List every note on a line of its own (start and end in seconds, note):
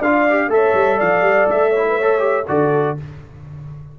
0.00 0.49 D4
0.00 0.29 F4
0.00 0.49 D5
0.00 0.52 F5
0.30 0.50 G4
0.49 0.73 A3
0.49 1.73 A4
0.49 1.00 E5
0.55 0.98 C#5
0.74 0.99 G3
0.98 1.22 F3
0.98 1.71 D5
0.98 1.49 F5
1.22 1.46 G3
1.49 2.48 A3
1.49 2.48 E5
1.71 1.83 C#5
1.77 2.01 E4
1.89 1.98 B4
1.98 2.19 A4
1.98 2.47 C#5
2.19 2.44 G4
2.48 2.98 D3
2.48 2.97 F#4
2.48 3.00 A4
2.48 2.98 D5